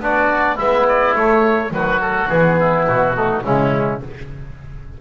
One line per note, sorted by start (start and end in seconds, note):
0.00 0.57 B3
0.00 0.58 D4
0.00 0.56 F#4
0.00 0.58 D5
0.56 1.15 G#3
0.56 1.16 B3
0.56 1.70 E4
0.56 0.86 E5
0.88 1.15 D5
1.15 1.71 A3
1.15 1.72 C#5
1.71 2.28 D#3
1.71 2.28 F#3
1.71 2.59 F#4
1.71 2.01 B4
2.01 2.28 A4
2.28 2.87 E3
2.28 3.14 B3
2.28 2.85 G#4
2.59 3.16 E4
2.87 3.44 B2
2.87 3.44 F#4
3.14 3.43 A3
3.14 3.43 D#4
3.43 4.01 C#3
3.43 4.01 G#3
3.43 4.00 C#4
3.43 4.01 E4